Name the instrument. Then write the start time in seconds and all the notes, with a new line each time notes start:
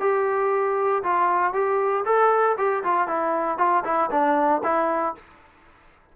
trombone
0.00 G4
1.03 F4
1.53 G4
2.05 A4
2.57 G4
2.83 F4
3.07 E4
3.58 F4
3.84 E4
4.11 D4
4.63 E4